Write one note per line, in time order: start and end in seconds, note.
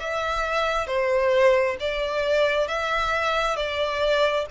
0.00 0.88 E5
0.88 1.77 C5
1.80 2.68 D5
2.68 3.57 E5
3.57 4.46 D5